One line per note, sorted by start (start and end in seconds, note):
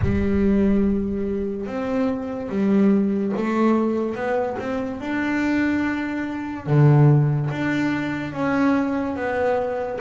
0.02 1.66 G3
1.66 2.49 C4
2.49 3.32 G3
3.36 4.15 A3
4.15 4.56 B3
4.58 5.00 C4
5.00 6.66 D4
6.66 7.50 D3
7.50 8.32 D4
8.32 9.16 C#4
9.16 9.99 B3